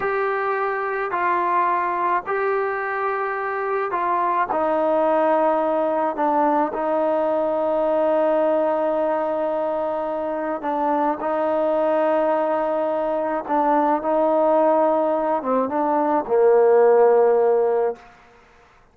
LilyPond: \new Staff \with { instrumentName = "trombone" } { \time 4/4 \tempo 4 = 107 g'2 f'2 | g'2. f'4 | dis'2. d'4 | dis'1~ |
dis'2. d'4 | dis'1 | d'4 dis'2~ dis'8 c'8 | d'4 ais2. | }